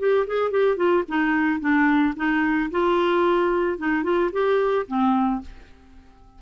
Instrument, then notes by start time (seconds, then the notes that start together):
clarinet
0.00 G4
0.28 G#4
0.52 G4
0.77 F4
1.09 D#4
1.61 D4
2.16 D#4
2.71 F4
3.79 D#4
4.04 F4
4.32 G4
4.88 C4